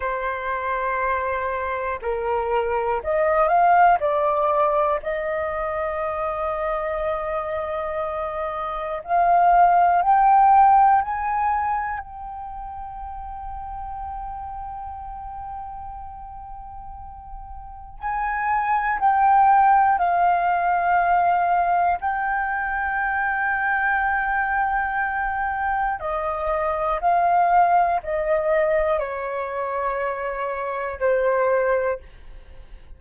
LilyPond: \new Staff \with { instrumentName = "flute" } { \time 4/4 \tempo 4 = 60 c''2 ais'4 dis''8 f''8 | d''4 dis''2.~ | dis''4 f''4 g''4 gis''4 | g''1~ |
g''2 gis''4 g''4 | f''2 g''2~ | g''2 dis''4 f''4 | dis''4 cis''2 c''4 | }